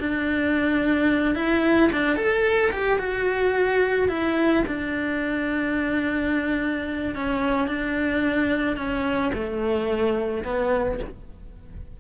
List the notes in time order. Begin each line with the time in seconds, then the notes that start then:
0.00 D4
1.35 E4
1.92 D4
2.16 A4
2.72 G4
2.99 F#4
4.09 E4
4.67 D4
7.15 C#4
7.67 D4
8.77 C#4
9.34 A3
10.44 B3